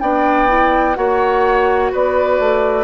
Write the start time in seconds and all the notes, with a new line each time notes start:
0.00 B3 D4 D5 G5
0.47 E4
0.94 A#3 F#4 C#5 F#5
1.91 B3 B4 D5
2.39 A3